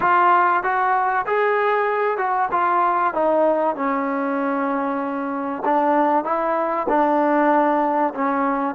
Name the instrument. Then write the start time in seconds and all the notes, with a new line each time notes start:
trombone
0.00 F4
0.63 F#4
1.26 G#4
2.17 F#4
2.51 F4
3.14 D#4
3.75 C#4
5.64 D4
6.24 E4
6.88 D4
8.14 C#4